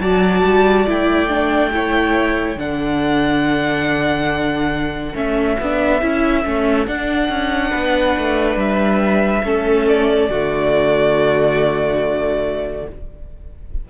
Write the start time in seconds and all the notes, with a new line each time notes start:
0.00 F#3 F#4 D5 A5
0.44 G3
0.88 A3 E4 G5
1.29 D4
1.73 E4 C#5
2.56 D3 D4 A4 F#5
5.15 A3 C#4 E5
5.60 B3 D4
6.02 C#4 E4
6.45 A3 C#4
6.87 D4 F#5
7.29 C#4
7.71 B3 B4
8.18 A3
8.56 G3 E5
9.44 A3 C#4 A4
9.88 D5
10.29 D3 A3 F#4